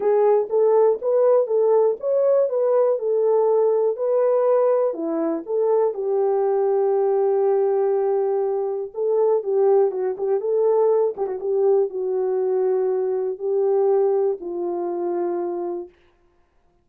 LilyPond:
\new Staff \with { instrumentName = "horn" } { \time 4/4 \tempo 4 = 121 gis'4 a'4 b'4 a'4 | cis''4 b'4 a'2 | b'2 e'4 a'4 | g'1~ |
g'2 a'4 g'4 | fis'8 g'8 a'4. g'16 fis'16 g'4 | fis'2. g'4~ | g'4 f'2. | }